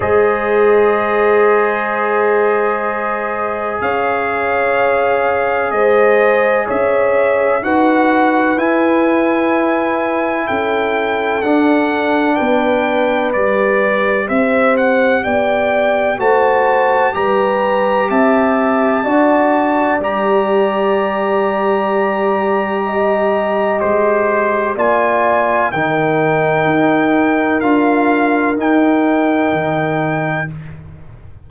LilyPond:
<<
  \new Staff \with { instrumentName = "trumpet" } { \time 4/4 \tempo 4 = 63 dis''1 | f''2 dis''4 e''4 | fis''4 gis''2 g''4 | fis''4 g''4 d''4 e''8 fis''8 |
g''4 a''4 ais''4 a''4~ | a''4 ais''2.~ | ais''4 c''4 gis''4 g''4~ | g''4 f''4 g''2 | }
  \new Staff \with { instrumentName = "horn" } { \time 4/4 c''1 | cis''2 c''4 cis''4 | b'2. a'4~ | a'4 b'2 c''4 |
d''4 c''4 b'4 e''4 | d''1 | dis''2 d''4 ais'4~ | ais'1 | }
  \new Staff \with { instrumentName = "trombone" } { \time 4/4 gis'1~ | gis'1 | fis'4 e'2. | d'2 g'2~ |
g'4 fis'4 g'2 | fis'4 g'2.~ | g'2 f'4 dis'4~ | dis'4 f'4 dis'2 | }
  \new Staff \with { instrumentName = "tuba" } { \time 4/4 gis1 | cis'2 gis4 cis'4 | dis'4 e'2 cis'4 | d'4 b4 g4 c'4 |
b4 a4 g4 c'4 | d'4 g2.~ | g4 gis4 ais4 dis4 | dis'4 d'4 dis'4 dis4 | }
>>